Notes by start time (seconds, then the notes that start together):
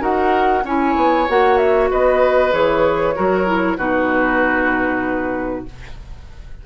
0.00 D#4 F#4 A#4 F#5
0.64 C#4 E4 C#5 G#5
0.96 B3
1.29 A#3 F#4 F#5
1.58 E5
1.91 B3 B4 D#5
2.52 E3 G#4 C#5
3.16 F#3 F#4 A#4
3.47 E4
3.78 B2 D#4 F#4 B4